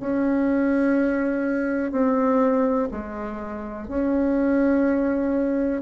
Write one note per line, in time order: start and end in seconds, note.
0.00 1.92 C#4
1.92 2.89 C4
2.91 3.88 G#3
3.88 5.82 C#4